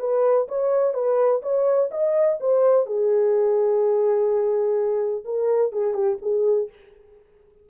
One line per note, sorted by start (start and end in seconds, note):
0.00 0.48 B4
0.48 0.94 C#5
0.94 1.41 B4
1.42 1.90 C#5
1.91 2.39 D#5
2.40 2.86 C5
2.86 5.24 G#4
5.25 5.72 A#4
5.72 5.94 G#4
5.94 6.18 G4
6.22 6.70 G#4